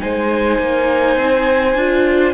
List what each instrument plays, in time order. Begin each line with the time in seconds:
0.00 cello G#3, viola D#4, violin C5 G#5
0.59 cello A#3
1.17 cello C4
1.75 cello D4, viola F4